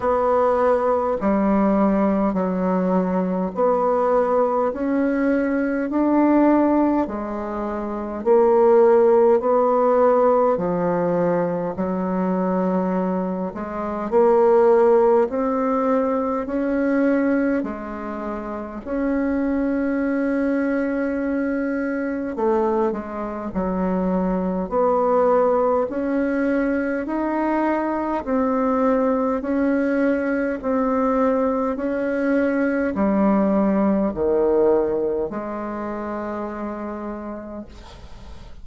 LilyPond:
\new Staff \with { instrumentName = "bassoon" } { \time 4/4 \tempo 4 = 51 b4 g4 fis4 b4 | cis'4 d'4 gis4 ais4 | b4 f4 fis4. gis8 | ais4 c'4 cis'4 gis4 |
cis'2. a8 gis8 | fis4 b4 cis'4 dis'4 | c'4 cis'4 c'4 cis'4 | g4 dis4 gis2 | }